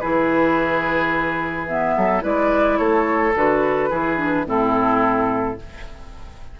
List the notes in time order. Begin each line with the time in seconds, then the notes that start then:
0.00 E3 E4 G#4 B4
1.67 B3 E5
1.97 F#3 A4
2.21 G#3 E4 B4 D5
2.78 A3 A4 C#5
3.35 D3 F#4 B4
3.90 E3 E4 G#4
4.17 D4
4.45 A2 C4 E4 A4